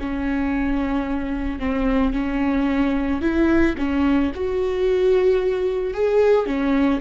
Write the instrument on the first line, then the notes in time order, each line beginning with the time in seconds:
viola
0.00 C#4
1.60 C4
2.14 C#4
3.22 E4
3.78 C#4
4.35 F#4
5.94 G#4
6.47 C#4